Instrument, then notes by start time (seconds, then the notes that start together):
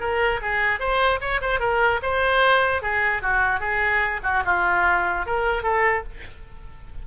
oboe
0.00 A#4
0.42 G#4
0.79 C5
1.21 C#5
1.41 C5
1.60 A#4
2.02 C5
2.82 G#4
3.22 F#4
3.60 G#4
4.23 F#4
4.45 F4
5.26 A#4
5.63 A4